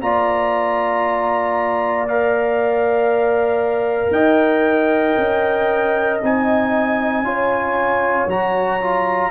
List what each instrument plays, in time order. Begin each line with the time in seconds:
0.00 tuba A#3, trombone F4, horn D5, trumpet A#5
2.08 trombone A#4, trumpet F5
4.11 tuba D#4, horn D#5, trumpet G5
5.18 tuba C#4
6.23 tuba C4, trombone D#4, trumpet G#5
7.23 tuba C#4, trombone F4, horn C#5
8.27 tuba F#3, trombone F#4, trumpet A#5
8.81 trombone F4